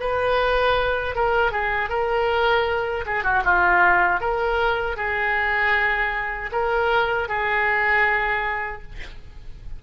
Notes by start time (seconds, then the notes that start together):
0.00 B4
1.15 A#4
1.52 G#4
1.90 A#4
3.06 G#4
3.24 F#4
3.44 F4
4.21 A#4
4.97 G#4
6.52 A#4
7.29 G#4